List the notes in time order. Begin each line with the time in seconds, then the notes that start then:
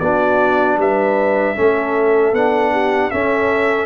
0.00 B3 D4 F#4 D5
0.78 G3 B4 E5
1.56 A3 C#4 A4
2.33 B3 D4 F#5
2.72 G4
3.11 C#4 A4 E5